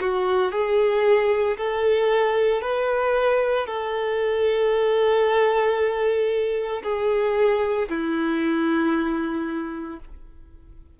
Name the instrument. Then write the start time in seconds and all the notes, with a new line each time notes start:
violin
0.00 F#4
0.52 G#4
1.57 A4
2.61 B4
3.67 A4
6.83 G#4
7.89 E4